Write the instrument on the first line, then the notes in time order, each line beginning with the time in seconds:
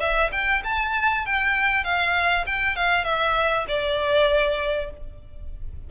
violin
0.00 E5
0.32 G5
0.64 A5
1.25 G5
1.84 F5
2.46 G5
2.76 F5
3.04 E5
3.68 D5